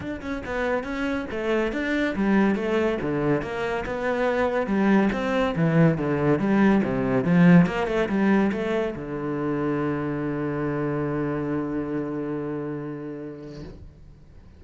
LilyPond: \new Staff \with { instrumentName = "cello" } { \time 4/4 \tempo 4 = 141 d'8 cis'8 b4 cis'4 a4 | d'4 g4 a4 d4 | ais4 b2 g4 | c'4 e4 d4 g4 |
c4 f4 ais8 a8 g4 | a4 d2.~ | d1~ | d1 | }